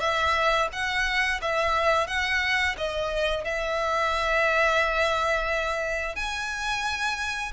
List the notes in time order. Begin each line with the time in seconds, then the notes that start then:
0.00 E5
0.72 F#5
1.42 E5
2.07 F#5
2.77 D#5
3.44 E5
6.15 G#5